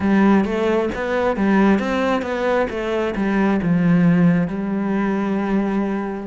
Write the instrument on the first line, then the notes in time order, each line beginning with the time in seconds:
cello
0.00 G3
0.44 A3
0.94 B3
1.36 G3
1.79 C4
2.21 B3
2.69 A3
3.15 G3
3.62 F3
4.47 G3